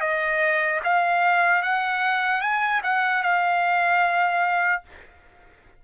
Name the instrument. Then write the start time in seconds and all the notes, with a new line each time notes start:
trumpet
0.00 D#5
0.84 F5
1.62 F#5
2.41 G#5
2.83 F#5
3.23 F5